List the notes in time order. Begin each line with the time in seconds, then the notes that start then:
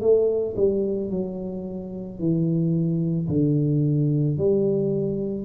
0.00 A3
0.56 G3
1.10 F#3
2.19 E3
3.28 D3
4.37 G3